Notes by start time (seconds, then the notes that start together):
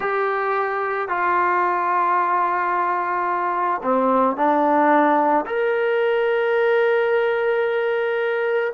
0.00 G4
1.08 F4
3.82 C4
4.36 D4
5.45 A#4